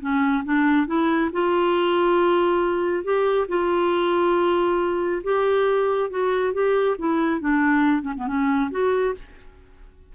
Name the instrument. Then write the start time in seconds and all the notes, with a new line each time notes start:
clarinet
0.00 C#4
0.44 D4
0.87 E4
1.32 F4
3.04 G4
3.48 F4
5.23 G4
6.10 F#4
6.53 G4
6.98 E4
7.40 D4
8.02 C#4
8.17 B3
8.27 C#4
8.71 F#4